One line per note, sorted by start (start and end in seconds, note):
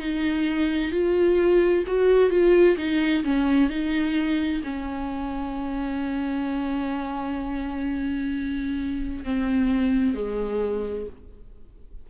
0.00 0.92 D#4
0.92 1.84 F4
1.87 2.30 F#4
2.30 2.77 F4
2.78 3.24 D#4
3.24 3.70 C#4
3.70 4.62 D#4
4.64 9.25 C#4
9.25 10.15 C4
10.15 11.07 G#3